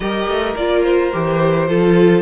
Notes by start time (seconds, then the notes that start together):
0.00 G3 G4 A#4 D#5
0.27 A3
0.56 A#3 F4 D5
0.83 C5
1.12 E3 G4
1.67 F3 F4 A4